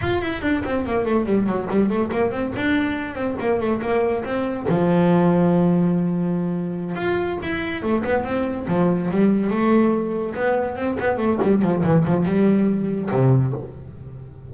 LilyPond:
\new Staff \with { instrumentName = "double bass" } { \time 4/4 \tempo 4 = 142 f'8 e'8 d'8 c'8 ais8 a8 g8 fis8 | g8 a8 ais8 c'8 d'4. c'8 | ais8 a8 ais4 c'4 f4~ | f1~ |
f8 f'4 e'4 a8 b8 c'8~ | c'8 f4 g4 a4.~ | a8 b4 c'8 b8 a8 g8 f8 | e8 f8 g2 c4 | }